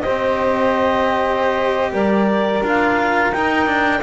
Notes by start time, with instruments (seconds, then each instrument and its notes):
0.00 double bass C4, cello G4, saxophone C5, clarinet D#5
1.91 double bass G3, saxophone A#4, clarinet D5
2.61 double bass D4, cello F4
2.67 clarinet F5
3.31 double bass D#4, cello D#4, clarinet G5
3.66 cello D4